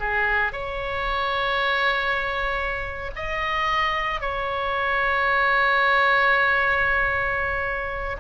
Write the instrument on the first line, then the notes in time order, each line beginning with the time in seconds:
oboe
0.00 G#4
0.53 C#5
3.16 D#5
4.21 C#5